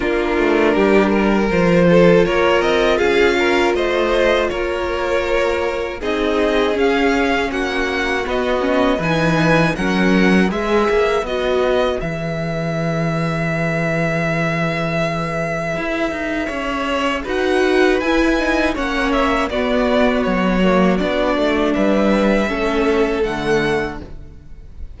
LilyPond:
<<
  \new Staff \with { instrumentName = "violin" } { \time 4/4 \tempo 4 = 80 ais'2 c''4 cis''8 dis''8 | f''4 dis''4 cis''2 | dis''4 f''4 fis''4 dis''4 | gis''4 fis''4 e''4 dis''4 |
e''1~ | e''2. fis''4 | gis''4 fis''8 e''8 d''4 cis''4 | d''4 e''2 fis''4 | }
  \new Staff \with { instrumentName = "violin" } { \time 4/4 f'4 g'8 ais'4 a'8 ais'4 | gis'8 ais'8 c''4 ais'2 | gis'2 fis'2 | b'4 ais'4 b'2~ |
b'1~ | b'2 cis''4 b'4~ | b'4 cis''4 fis'2~ | fis'4 b'4 a'2 | }
  \new Staff \with { instrumentName = "viola" } { \time 4/4 d'2 f'2~ | f'1 | dis'4 cis'2 b8 cis'8 | dis'4 cis'4 gis'4 fis'4 |
gis'1~ | gis'2. fis'4 | e'8 dis'8 cis'4 b4. ais8 | d'2 cis'4 a4 | }
  \new Staff \with { instrumentName = "cello" } { \time 4/4 ais8 a8 g4 f4 ais8 c'8 | cis'4 a4 ais2 | c'4 cis'4 ais4 b4 | e4 fis4 gis8 ais8 b4 |
e1~ | e4 e'8 dis'8 cis'4 dis'4 | e'4 ais4 b4 fis4 | b8 a8 g4 a4 d4 | }
>>